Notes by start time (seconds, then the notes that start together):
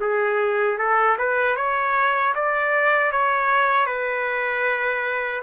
0.00 G#4
0.78 A4
1.18 B4
1.56 C#5
2.34 D5
3.11 C#5
3.86 B4